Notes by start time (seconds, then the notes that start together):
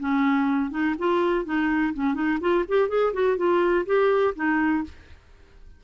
0.00 C#4
0.71 D#4
0.99 F4
1.45 D#4
1.94 C#4
2.15 D#4
2.41 F4
2.69 G4
2.89 G#4
3.14 F#4
3.37 F4
3.86 G4
4.36 D#4